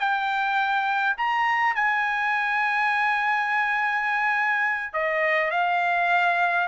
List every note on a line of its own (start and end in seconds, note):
0.00 1.17 G5
1.18 1.76 A#5
1.76 4.94 G#5
4.94 5.52 D#5
5.52 6.68 F5